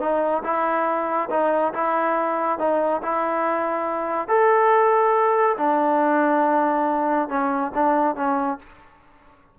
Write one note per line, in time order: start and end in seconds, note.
0.00 0.43 D#4
0.43 1.29 E4
1.30 1.73 D#4
1.74 2.59 E4
2.59 3.02 D#4
3.02 4.28 E4
4.28 5.56 A4
5.57 7.29 D4
7.29 7.72 C#4
7.74 8.16 D4
8.16 8.59 C#4